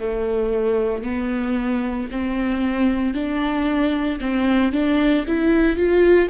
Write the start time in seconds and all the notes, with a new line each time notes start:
0.00 A3
1.03 B3
2.11 C4
3.14 D4
4.21 C4
4.73 D4
5.28 E4
5.77 F4